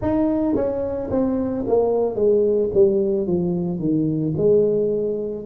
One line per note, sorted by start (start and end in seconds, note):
0.01 0.55 D#4
0.55 1.09 C#4
1.11 1.65 C4
1.67 2.15 A#3
2.15 2.70 G#3
2.74 3.27 G3
3.27 3.79 F3
3.79 4.33 D#3
4.37 5.45 G#3